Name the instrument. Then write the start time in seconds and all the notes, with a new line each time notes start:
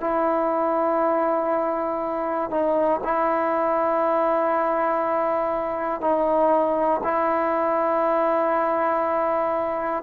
trombone
0.00 E4
2.50 D#4
3.03 E4
6.01 D#4
7.04 E4